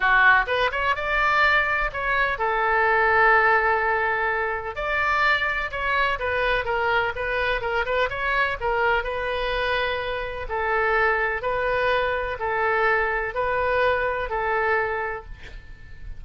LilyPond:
\new Staff \with { instrumentName = "oboe" } { \time 4/4 \tempo 4 = 126 fis'4 b'8 cis''8 d''2 | cis''4 a'2.~ | a'2 d''2 | cis''4 b'4 ais'4 b'4 |
ais'8 b'8 cis''4 ais'4 b'4~ | b'2 a'2 | b'2 a'2 | b'2 a'2 | }